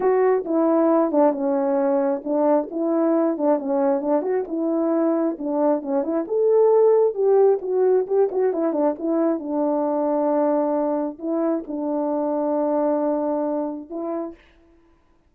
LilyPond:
\new Staff \with { instrumentName = "horn" } { \time 4/4 \tempo 4 = 134 fis'4 e'4. d'8 cis'4~ | cis'4 d'4 e'4. d'8 | cis'4 d'8 fis'8 e'2 | d'4 cis'8 e'8 a'2 |
g'4 fis'4 g'8 fis'8 e'8 d'8 | e'4 d'2.~ | d'4 e'4 d'2~ | d'2. e'4 | }